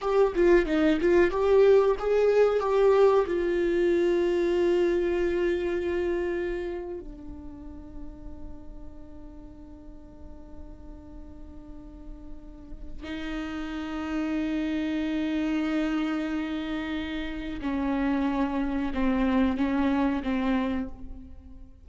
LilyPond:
\new Staff \with { instrumentName = "viola" } { \time 4/4 \tempo 4 = 92 g'8 f'8 dis'8 f'8 g'4 gis'4 | g'4 f'2.~ | f'2~ f'8. d'4~ d'16~ | d'1~ |
d'1 | dis'1~ | dis'2. cis'4~ | cis'4 c'4 cis'4 c'4 | }